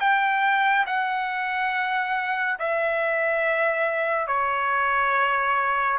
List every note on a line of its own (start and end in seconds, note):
0.00 0.86 G5
0.86 2.58 F#5
2.59 4.27 E5
4.27 5.98 C#5